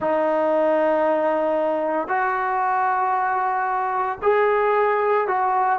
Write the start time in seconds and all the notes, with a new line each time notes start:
0.00 D#4
2.08 F#4
4.22 G#4
5.27 F#4